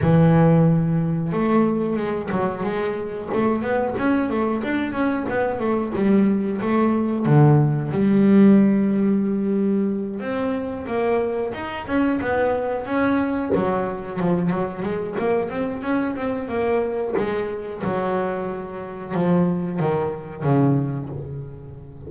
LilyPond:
\new Staff \with { instrumentName = "double bass" } { \time 4/4 \tempo 4 = 91 e2 a4 gis8 fis8 | gis4 a8 b8 cis'8 a8 d'8 cis'8 | b8 a8 g4 a4 d4 | g2.~ g8 c'8~ |
c'8 ais4 dis'8 cis'8 b4 cis'8~ | cis'8 fis4 f8 fis8 gis8 ais8 c'8 | cis'8 c'8 ais4 gis4 fis4~ | fis4 f4 dis4 cis4 | }